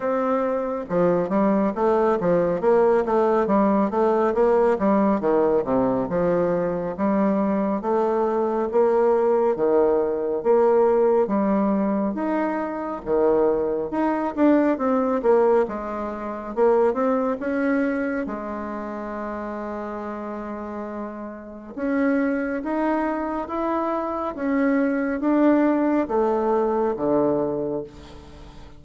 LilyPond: \new Staff \with { instrumentName = "bassoon" } { \time 4/4 \tempo 4 = 69 c'4 f8 g8 a8 f8 ais8 a8 | g8 a8 ais8 g8 dis8 c8 f4 | g4 a4 ais4 dis4 | ais4 g4 dis'4 dis4 |
dis'8 d'8 c'8 ais8 gis4 ais8 c'8 | cis'4 gis2.~ | gis4 cis'4 dis'4 e'4 | cis'4 d'4 a4 d4 | }